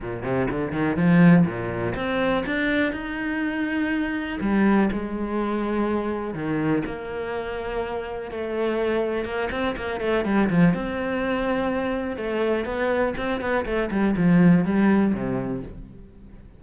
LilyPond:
\new Staff \with { instrumentName = "cello" } { \time 4/4 \tempo 4 = 123 ais,8 c8 d8 dis8 f4 ais,4 | c'4 d'4 dis'2~ | dis'4 g4 gis2~ | gis4 dis4 ais2~ |
ais4 a2 ais8 c'8 | ais8 a8 g8 f8 c'2~ | c'4 a4 b4 c'8 b8 | a8 g8 f4 g4 c4 | }